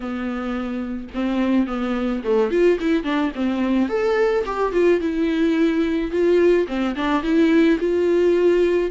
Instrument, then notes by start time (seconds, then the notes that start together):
viola
0.00 B3
1.14 C4
1.66 B3
2.23 A3
2.50 F4
2.80 E4
3.03 D4
3.35 C4
3.88 A4
4.45 G4
4.72 F4
5.00 E4
6.11 F4
6.67 C4
6.95 D4
7.22 E4
7.79 F4